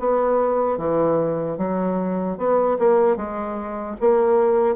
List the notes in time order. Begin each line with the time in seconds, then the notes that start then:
0.00 B3
0.78 E3
1.58 F#3
2.38 B3
2.79 A#3
3.17 G#3
4.01 A#3